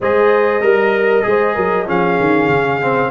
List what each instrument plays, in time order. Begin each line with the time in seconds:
0.00 tuba G#3, trombone G#4, horn C5, trumpet D#5
0.61 tuba G3, trombone A#4, horn A#4
1.23 tuba G#3, trombone G#4, horn C5
1.54 tuba F#3, horn A#4
1.87 tuba F3, trombone C#4, horn G#4, trumpet F5
2.20 tuba D#3
2.47 tuba C#3
2.81 trombone C4